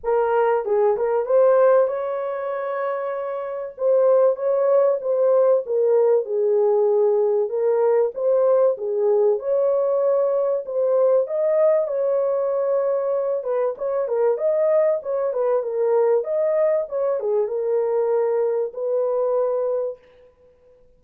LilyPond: \new Staff \with { instrumentName = "horn" } { \time 4/4 \tempo 4 = 96 ais'4 gis'8 ais'8 c''4 cis''4~ | cis''2 c''4 cis''4 | c''4 ais'4 gis'2 | ais'4 c''4 gis'4 cis''4~ |
cis''4 c''4 dis''4 cis''4~ | cis''4. b'8 cis''8 ais'8 dis''4 | cis''8 b'8 ais'4 dis''4 cis''8 gis'8 | ais'2 b'2 | }